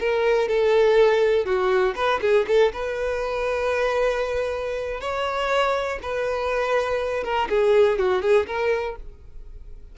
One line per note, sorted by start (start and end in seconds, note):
0.00 0.49 A#4
0.49 1.46 A4
1.46 1.95 F#4
1.96 2.20 B4
2.22 2.46 G#4
2.48 2.73 A4
2.74 5.01 B4
5.01 5.99 C#5
6.03 7.24 B4
7.24 7.49 A#4
7.50 7.99 G#4
7.99 8.22 F#4
8.22 8.47 G#4
8.47 8.96 A#4